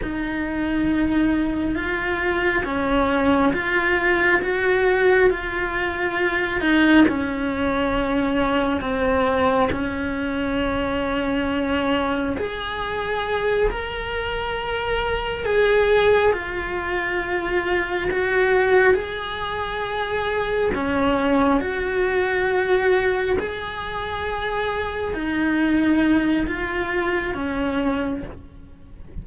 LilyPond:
\new Staff \with { instrumentName = "cello" } { \time 4/4 \tempo 4 = 68 dis'2 f'4 cis'4 | f'4 fis'4 f'4. dis'8 | cis'2 c'4 cis'4~ | cis'2 gis'4. ais'8~ |
ais'4. gis'4 f'4.~ | f'8 fis'4 gis'2 cis'8~ | cis'8 fis'2 gis'4.~ | gis'8 dis'4. f'4 cis'4 | }